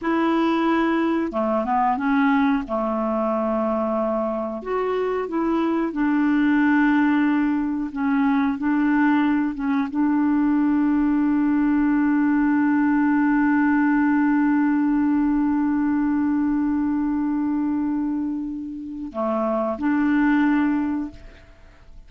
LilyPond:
\new Staff \with { instrumentName = "clarinet" } { \time 4/4 \tempo 4 = 91 e'2 a8 b8 cis'4 | a2. fis'4 | e'4 d'2. | cis'4 d'4. cis'8 d'4~ |
d'1~ | d'1~ | d'1~ | d'4 a4 d'2 | }